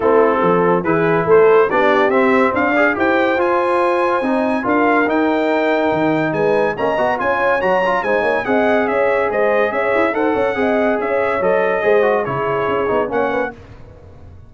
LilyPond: <<
  \new Staff \with { instrumentName = "trumpet" } { \time 4/4 \tempo 4 = 142 a'2 b'4 c''4 | d''4 e''4 f''4 g''4 | gis''2. f''4 | g''2. gis''4 |
ais''4 gis''4 ais''4 gis''4 | fis''4 e''4 dis''4 e''4 | fis''2 e''4 dis''4~ | dis''4 cis''2 fis''4 | }
  \new Staff \with { instrumentName = "horn" } { \time 4/4 e'4 a'4 gis'4 a'4 | g'2 d''4 c''4~ | c''2. ais'4~ | ais'2. b'4 |
dis''4 cis''2 c''8 cis''8 | dis''4 cis''4 c''4 cis''4 | c''8 cis''8 dis''4 cis''2 | c''4 gis'2 cis''8 b'8 | }
  \new Staff \with { instrumentName = "trombone" } { \time 4/4 c'2 e'2 | d'4 c'4. gis'8 g'4 | f'2 dis'4 f'4 | dis'1 |
cis'8 fis'8 f'4 fis'8 f'8 dis'4 | gis'1 | a'4 gis'2 a'4 | gis'8 fis'8 e'4. dis'8 cis'4 | }
  \new Staff \with { instrumentName = "tuba" } { \time 4/4 a4 f4 e4 a4 | b4 c'4 d'4 e'4 | f'2 c'4 d'4 | dis'2 dis4 gis4 |
ais8 b8 cis'4 fis4 gis8 ais8 | c'4 cis'4 gis4 cis'8 e'8 | dis'8 cis'8 c'4 cis'4 fis4 | gis4 cis4 cis'8 b8 ais4 | }
>>